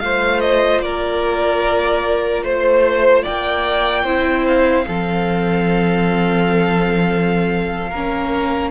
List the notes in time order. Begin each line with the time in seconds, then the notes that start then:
0.00 A3 F4 C5 F5
0.40 D#5
0.81 A#3 A#4 D5
2.43 A3 C5
3.23 A#3 D5 G5
4.04 C4 E4 C5
4.47 F5
4.87 F3 C4 A4
7.90 A#3 C#4 A#4